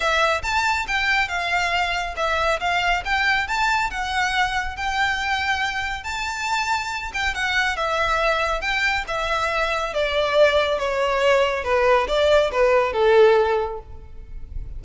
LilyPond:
\new Staff \with { instrumentName = "violin" } { \time 4/4 \tempo 4 = 139 e''4 a''4 g''4 f''4~ | f''4 e''4 f''4 g''4 | a''4 fis''2 g''4~ | g''2 a''2~ |
a''8 g''8 fis''4 e''2 | g''4 e''2 d''4~ | d''4 cis''2 b'4 | d''4 b'4 a'2 | }